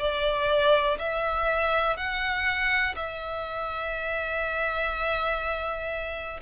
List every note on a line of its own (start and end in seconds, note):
0.00 0.98 D5
0.99 1.97 E5
1.97 2.96 F#5
2.96 6.40 E5